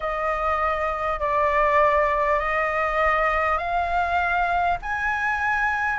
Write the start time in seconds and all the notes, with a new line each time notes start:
0.00 D#5
1.19 D5
2.39 D#5
3.58 F5
4.82 G#5